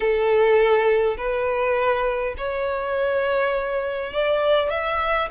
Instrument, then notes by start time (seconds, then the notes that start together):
violin
0.00 A4
1.17 B4
2.37 C#5
4.13 D5
4.70 E5